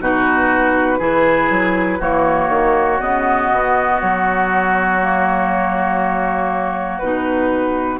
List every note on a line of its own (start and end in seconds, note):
0.00 1.00 B2
0.00 1.00 D#4
0.00 0.99 F#4
0.00 2.02 B4
0.99 1.50 E3
0.99 2.00 E4
0.99 1.99 G#4
1.50 2.00 F#3
1.99 2.49 E3
1.99 3.00 A#3
1.99 7.99 F#4
1.99 3.01 C#5
2.49 2.99 D#3
3.00 3.51 C#3
3.00 5.00 B3
3.00 4.01 D#5
3.51 4.01 B2
4.01 7.02 F#3
4.01 6.99 C#5
5.02 7.02 A#3
6.99 8.00 B2
6.99 8.00 D#4
6.99 7.99 B4